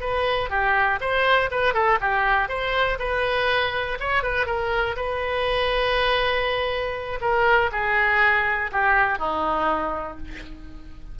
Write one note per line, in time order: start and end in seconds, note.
0.00 0.50 B4
0.50 0.99 G4
1.00 1.50 C5
1.51 1.73 B4
1.73 1.98 A4
2.00 2.48 G4
2.48 2.98 C5
2.99 3.98 B4
3.99 4.23 C#5
4.23 4.46 B4
4.46 4.96 A#4
4.96 7.19 B4
7.21 7.70 A#4
7.72 8.71 G#4
8.72 9.18 G4
9.18 10.17 D#4